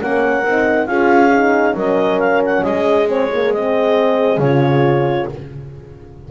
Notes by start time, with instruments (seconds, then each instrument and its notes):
0.00 double bass A#3, horn C#4 A#4, clarinet F#5
0.44 double bass C4, horn D#4
0.87 double bass C#4, horn F4 G#4, clarinet F5
1.34 horn D#4
1.74 double bass F#3, horn C#4 A#4, clarinet D#5
2.20 clarinet F5
2.46 clarinet F#5
2.64 double bass G#3, horn G#4, clarinet D#5
3.08 horn C4, clarinet C#5
3.33 horn A#3
3.53 horn C4, clarinet D#5
4.38 double bass C#3, horn F4, clarinet C#5